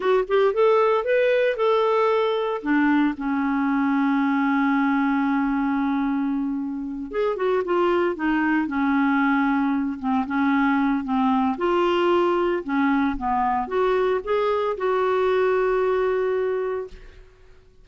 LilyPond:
\new Staff \with { instrumentName = "clarinet" } { \time 4/4 \tempo 4 = 114 fis'8 g'8 a'4 b'4 a'4~ | a'4 d'4 cis'2~ | cis'1~ | cis'4. gis'8 fis'8 f'4 dis'8~ |
dis'8 cis'2~ cis'8 c'8 cis'8~ | cis'4 c'4 f'2 | cis'4 b4 fis'4 gis'4 | fis'1 | }